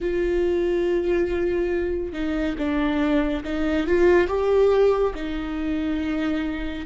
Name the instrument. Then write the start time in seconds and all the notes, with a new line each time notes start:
viola
0.00 F4
2.12 D#4
2.58 D4
3.44 D#4
3.86 F4
4.27 G4
5.14 D#4